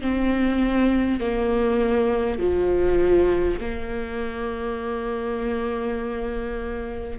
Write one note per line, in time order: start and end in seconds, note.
0.00 1.20 C4
1.20 2.38 A#3
2.38 3.58 F3
3.60 7.18 A#3